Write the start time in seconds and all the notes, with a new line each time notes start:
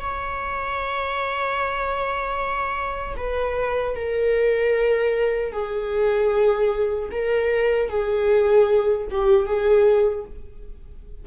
0.00 C#5
3.17 B4
3.95 A#4
5.52 G#4
7.12 A#4
7.89 G#4
9.11 G4
9.46 G#4